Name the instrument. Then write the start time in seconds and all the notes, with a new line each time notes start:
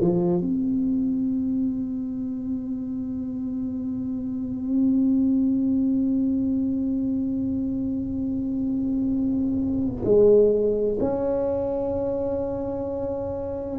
tuba
0.00 F3
0.41 C4
10.04 G#3
11.00 C#4